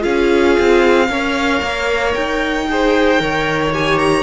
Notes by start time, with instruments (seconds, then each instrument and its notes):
0.00 cello C#4, viola F4, violin G#4 F5
0.59 cello C4
1.09 cello C#4, viola A#4, violin C#5
1.62 cello A#3
2.14 cello D#4, violin G5
2.69 viola G#4, violin C5
3.18 cello D#3, viola A#4, violin C#5
3.72 viola G4, violin G#5
3.98 violin A#5